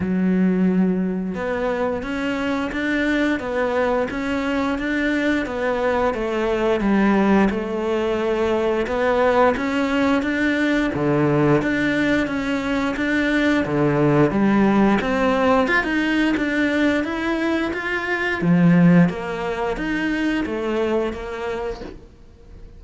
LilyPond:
\new Staff \with { instrumentName = "cello" } { \time 4/4 \tempo 4 = 88 fis2 b4 cis'4 | d'4 b4 cis'4 d'4 | b4 a4 g4 a4~ | a4 b4 cis'4 d'4 |
d4 d'4 cis'4 d'4 | d4 g4 c'4 f'16 dis'8. | d'4 e'4 f'4 f4 | ais4 dis'4 a4 ais4 | }